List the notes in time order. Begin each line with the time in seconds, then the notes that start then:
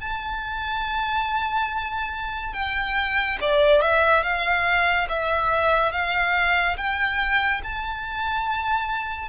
0.00 A5
2.53 G5
3.41 D5
3.81 E5
4.23 F5
5.09 E5
5.92 F5
6.77 G5
7.63 A5